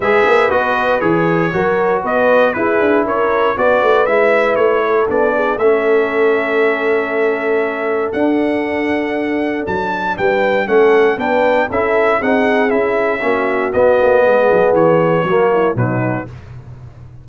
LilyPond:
<<
  \new Staff \with { instrumentName = "trumpet" } { \time 4/4 \tempo 4 = 118 e''4 dis''4 cis''2 | dis''4 b'4 cis''4 d''4 | e''4 cis''4 d''4 e''4~ | e''1 |
fis''2. a''4 | g''4 fis''4 g''4 e''4 | fis''4 e''2 dis''4~ | dis''4 cis''2 b'4 | }
  \new Staff \with { instrumentName = "horn" } { \time 4/4 b'2. ais'4 | b'4 gis'4 ais'4 b'4~ | b'4. a'4 gis'8 a'4~ | a'1~ |
a'1 | b'4 a'4 b'4 a'4 | gis'2 fis'2 | gis'2 fis'8 e'8 dis'4 | }
  \new Staff \with { instrumentName = "trombone" } { \time 4/4 gis'4 fis'4 gis'4 fis'4~ | fis'4 e'2 fis'4 | e'2 d'4 cis'4~ | cis'1 |
d'1~ | d'4 cis'4 d'4 e'4 | dis'4 e'4 cis'4 b4~ | b2 ais4 fis4 | }
  \new Staff \with { instrumentName = "tuba" } { \time 4/4 gis8 ais8 b4 e4 fis4 | b4 e'8 d'8 cis'4 b8 a8 | gis4 a4 b4 a4~ | a1 |
d'2. fis4 | g4 a4 b4 cis'4 | c'4 cis'4 ais4 b8 ais8 | gis8 fis8 e4 fis4 b,4 | }
>>